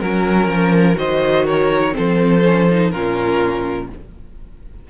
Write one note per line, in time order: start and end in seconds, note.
0.00 0.48 F#3
0.00 0.95 C#4
0.00 0.97 A#4
0.00 0.99 A#4
0.48 0.96 F3
0.95 1.95 D#3
0.95 1.92 F#4
0.95 1.45 C5
0.95 1.46 D#5
1.45 1.94 A#4
1.45 1.95 C#5
1.92 2.40 C4
1.92 2.93 A4
1.92 2.91 C5
1.99 2.93 F3
2.44 2.68 C#4
2.71 2.93 D#4
2.91 3.89 A#2
2.91 3.90 C#4
2.91 3.89 F4
2.91 3.87 A#4